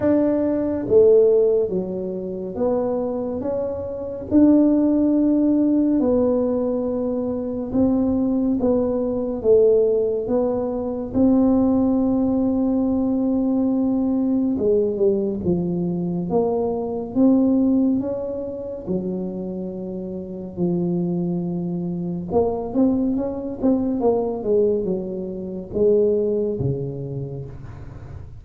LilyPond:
\new Staff \with { instrumentName = "tuba" } { \time 4/4 \tempo 4 = 70 d'4 a4 fis4 b4 | cis'4 d'2 b4~ | b4 c'4 b4 a4 | b4 c'2.~ |
c'4 gis8 g8 f4 ais4 | c'4 cis'4 fis2 | f2 ais8 c'8 cis'8 c'8 | ais8 gis8 fis4 gis4 cis4 | }